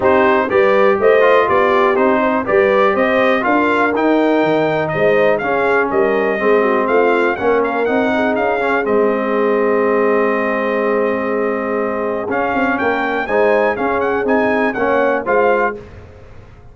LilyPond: <<
  \new Staff \with { instrumentName = "trumpet" } { \time 4/4 \tempo 4 = 122 c''4 d''4 dis''4 d''4 | c''4 d''4 dis''4 f''4 | g''2 dis''4 f''4 | dis''2 f''4 fis''8 f''8 |
fis''4 f''4 dis''2~ | dis''1~ | dis''4 f''4 g''4 gis''4 | f''8 fis''8 gis''4 fis''4 f''4 | }
  \new Staff \with { instrumentName = "horn" } { \time 4/4 g'4 b'4 c''4 g'4~ | g'8 c''8 b'4 c''4 ais'4~ | ais'2 c''4 gis'4 | ais'4 gis'8 fis'8 f'4 ais'4~ |
ais'8 gis'2.~ gis'8~ | gis'1~ | gis'2 ais'4 c''4 | gis'2 cis''4 c''4 | }
  \new Staff \with { instrumentName = "trombone" } { \time 4/4 dis'4 g'4. f'4. | dis'4 g'2 f'4 | dis'2. cis'4~ | cis'4 c'2 cis'4 |
dis'4. cis'8 c'2~ | c'1~ | c'4 cis'2 dis'4 | cis'4 dis'4 cis'4 f'4 | }
  \new Staff \with { instrumentName = "tuba" } { \time 4/4 c'4 g4 a4 b4 | c'4 g4 c'4 d'4 | dis'4 dis4 gis4 cis'4 | g4 gis4 a4 ais4 |
c'4 cis'4 gis2~ | gis1~ | gis4 cis'8 c'8 ais4 gis4 | cis'4 c'4 ais4 gis4 | }
>>